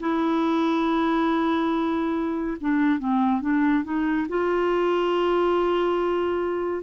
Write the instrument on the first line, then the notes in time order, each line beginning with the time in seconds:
clarinet
0.00 E4
2.61 D4
2.99 C4
3.41 D4
3.85 D#4
4.29 F4